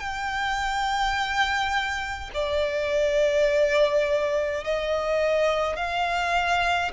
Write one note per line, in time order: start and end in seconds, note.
0.00 2.31 G5
2.34 4.64 D5
4.64 5.76 D#5
5.76 6.92 F5